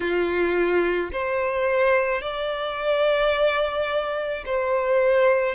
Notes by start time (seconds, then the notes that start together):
0.00 F4
1.12 C5
2.21 D5
4.45 C5